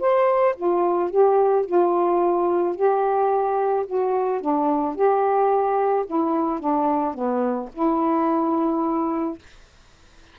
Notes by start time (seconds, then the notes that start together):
0.00 C5
0.56 F4
1.10 G4
1.65 F4
2.75 G4
3.86 F#4
4.41 D4
4.95 G4
6.06 E4
6.59 D4
7.14 B3
7.73 E4